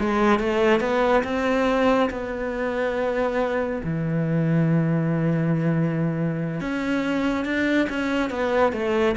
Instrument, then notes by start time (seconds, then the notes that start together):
cello
0.00 G#3
0.39 A3
0.80 B3
1.24 C4
2.10 B3
3.84 E3
6.61 C#4
7.45 D4
7.90 C#4
8.30 B3
8.73 A3